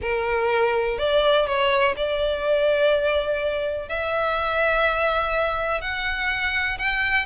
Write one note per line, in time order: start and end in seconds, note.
0.01 0.98 A#4
0.98 1.46 D5
1.46 1.95 C#5
1.96 3.88 D5
3.88 5.81 E5
5.81 6.78 F#5
6.78 7.25 G5